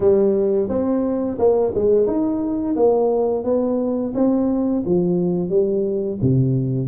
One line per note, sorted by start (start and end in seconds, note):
0.00 0.68 G3
0.68 1.37 C4
1.39 1.73 A#3
1.74 2.06 G#3
2.06 2.75 D#4
2.76 3.44 A#3
3.44 4.13 B3
4.14 4.83 C4
4.85 5.49 F3
5.49 6.18 G3
6.21 6.88 C3